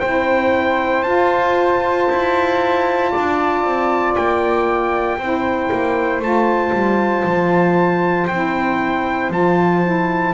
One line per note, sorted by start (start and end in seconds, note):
0.00 1.05 C4
0.00 1.05 E4
0.00 3.10 C5
0.00 1.03 G5
1.03 2.08 F4
1.03 5.19 F4
1.03 4.13 A5
2.10 3.13 E4
3.10 3.64 D4
3.10 5.17 D5
3.64 4.16 C4
4.15 5.18 A#3
4.15 6.22 G5
5.18 5.70 C4
5.18 6.22 E4
5.18 10.34 C5
5.72 6.19 A#3
6.19 6.71 A3
6.19 8.29 F4
6.19 8.27 A5
6.72 7.24 G3
7.25 8.28 F3
8.27 9.30 C4
8.27 9.32 E4
8.27 9.31 G5
9.30 10.34 F3
9.30 9.83 F4
9.30 10.34 A5
9.83 10.34 E4